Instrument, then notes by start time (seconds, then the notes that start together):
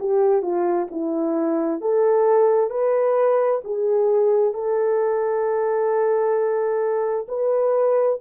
horn
0.00 G4
0.42 F4
0.91 E4
1.81 A4
2.70 B4
3.64 G#4
4.54 A4
7.29 B4